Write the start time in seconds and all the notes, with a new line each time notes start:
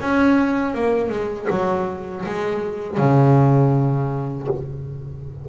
0.00 C#4
0.74 A#3
1.09 G#3
1.50 F#3
2.25 G#3
2.97 C#3